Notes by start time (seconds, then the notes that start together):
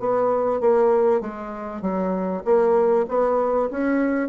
0.00 B3
0.61 A#3
1.21 G#3
1.82 F#3
2.45 A#3
3.09 B3
3.71 C#4